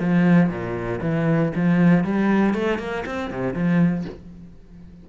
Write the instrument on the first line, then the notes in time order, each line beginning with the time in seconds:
cello
0.00 F3
0.50 A#2
1.01 E3
1.56 F3
2.05 G3
2.55 A3
2.79 A#3
3.06 C4
3.31 C3
3.54 F3